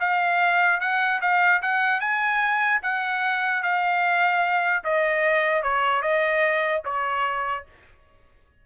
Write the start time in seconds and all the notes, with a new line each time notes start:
0.00 F5
0.80 F#5
1.21 F5
1.62 F#5
2.00 G#5
2.82 F#5
3.63 F5
4.84 D#5
5.63 C#5
6.02 D#5
6.85 C#5